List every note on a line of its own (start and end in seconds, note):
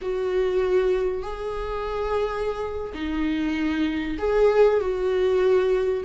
0.01 1.22 F#4
1.22 2.92 G#4
2.94 4.17 D#4
4.18 4.80 G#4
4.80 6.04 F#4